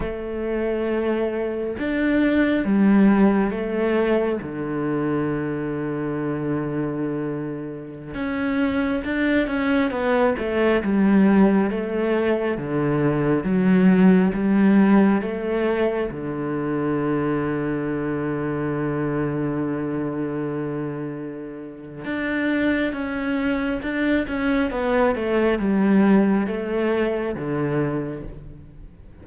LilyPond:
\new Staff \with { instrumentName = "cello" } { \time 4/4 \tempo 4 = 68 a2 d'4 g4 | a4 d2.~ | d4~ d16 cis'4 d'8 cis'8 b8 a16~ | a16 g4 a4 d4 fis8.~ |
fis16 g4 a4 d4.~ d16~ | d1~ | d4 d'4 cis'4 d'8 cis'8 | b8 a8 g4 a4 d4 | }